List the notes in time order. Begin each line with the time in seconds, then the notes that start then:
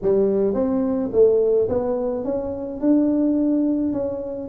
0.02 G3
0.54 C4
1.12 A3
1.68 B3
2.24 C#4
2.80 D4
3.93 C#4